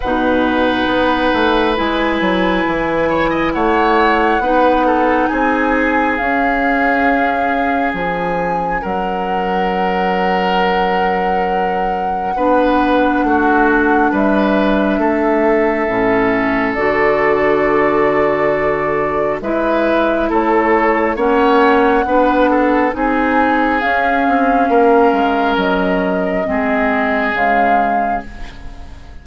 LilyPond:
<<
  \new Staff \with { instrumentName = "flute" } { \time 4/4 \tempo 4 = 68 fis''2 gis''2 | fis''2 gis''4 f''4~ | f''4 gis''4 fis''2~ | fis''1 |
e''2. d''4~ | d''2 e''4 cis''4 | fis''2 gis''4 f''4~ | f''4 dis''2 f''4 | }
  \new Staff \with { instrumentName = "oboe" } { \time 4/4 b'2.~ b'8 cis''16 dis''16 | cis''4 b'8 a'8 gis'2~ | gis'2 ais'2~ | ais'2 b'4 fis'4 |
b'4 a'2.~ | a'2 b'4 a'4 | cis''4 b'8 a'8 gis'2 | ais'2 gis'2 | }
  \new Staff \with { instrumentName = "clarinet" } { \time 4/4 dis'2 e'2~ | e'4 dis'2 cis'4~ | cis'1~ | cis'2 d'2~ |
d'2 cis'4 fis'4~ | fis'2 e'2 | cis'4 d'4 dis'4 cis'4~ | cis'2 c'4 gis4 | }
  \new Staff \with { instrumentName = "bassoon" } { \time 4/4 b,4 b8 a8 gis8 fis8 e4 | a4 b4 c'4 cis'4~ | cis'4 f4 fis2~ | fis2 b4 a4 |
g4 a4 a,4 d4~ | d2 gis4 a4 | ais4 b4 c'4 cis'8 c'8 | ais8 gis8 fis4 gis4 cis4 | }
>>